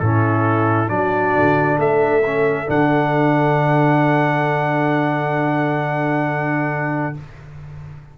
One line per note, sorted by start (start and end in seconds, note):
0.00 0.90 A2
0.00 0.88 C#4
0.00 0.93 E4
0.00 0.89 A4
0.88 1.35 F#3
0.88 2.23 D4
0.88 1.79 F#4
0.88 1.79 D5
1.36 1.78 D3
1.78 2.68 A3
1.78 7.16 A4
1.78 2.70 E5
2.26 2.67 C#4
2.67 7.17 D3
2.67 7.15 D4
2.67 7.18 F#5